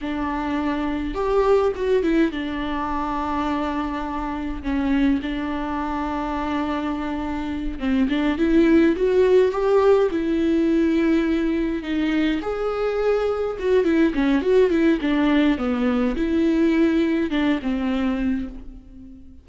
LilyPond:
\new Staff \with { instrumentName = "viola" } { \time 4/4 \tempo 4 = 104 d'2 g'4 fis'8 e'8 | d'1 | cis'4 d'2.~ | d'4. c'8 d'8 e'4 fis'8~ |
fis'8 g'4 e'2~ e'8~ | e'8 dis'4 gis'2 fis'8 | e'8 cis'8 fis'8 e'8 d'4 b4 | e'2 d'8 c'4. | }